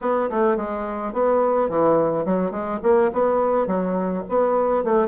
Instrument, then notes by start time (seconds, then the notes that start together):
bassoon
0.01 B3
0.30 A3
0.57 G#3
1.12 B3
1.69 E3
2.25 F#3
2.51 G#3
2.83 A#3
3.12 B3
3.66 F#3
4.28 B3
4.84 A3